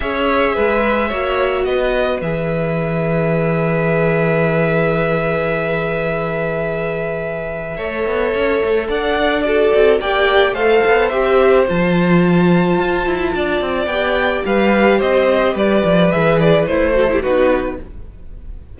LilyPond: <<
  \new Staff \with { instrumentName = "violin" } { \time 4/4 \tempo 4 = 108 e''2. dis''4 | e''1~ | e''1~ | e''1 |
fis''4 d''4 g''4 f''4 | e''4 a''2.~ | a''4 g''4 f''4 dis''4 | d''4 e''8 d''8 c''4 b'4 | }
  \new Staff \with { instrumentName = "violin" } { \time 4/4 cis''4 b'4 cis''4 b'4~ | b'1~ | b'1~ | b'2 cis''2 |
d''4 a'4 d''4 c''4~ | c''1 | d''2 b'4 c''4 | b'2~ b'8 a'16 g'16 fis'4 | }
  \new Staff \with { instrumentName = "viola" } { \time 4/4 gis'2 fis'2 | gis'1~ | gis'1~ | gis'2 a'2~ |
a'4 fis'4 g'4 a'4 | g'4 f'2.~ | f'4 g'2.~ | g'4 gis'4 e'8 fis'16 e'16 dis'4 | }
  \new Staff \with { instrumentName = "cello" } { \time 4/4 cis'4 gis4 ais4 b4 | e1~ | e1~ | e2 a8 b8 cis'8 a8 |
d'4. c'8 ais4 a8 b8 | c'4 f2 f'8 e'8 | d'8 c'8 b4 g4 c'4 | g8 f8 e4 a4 b4 | }
>>